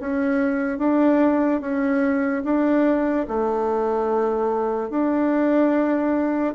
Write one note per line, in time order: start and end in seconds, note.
0.00 0.78 C#4
0.78 1.61 D4
1.61 2.43 C#4
2.45 3.27 D4
3.28 4.90 A3
4.90 6.55 D4